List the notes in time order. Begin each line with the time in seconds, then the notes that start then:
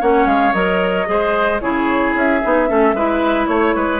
0.00 A#3 C#4 C#5 F#5
0.25 G#3 F5
0.53 F#3 A#4 D#5
1.06 G#3 G#4 C5
1.60 C#3 E4 G#4 C#5
2.14 C#4 E5
2.43 B3 D#4
2.67 A3 C#4 A4
2.93 G#3 E4 B4
3.47 A3 C#5
3.75 G#3 B4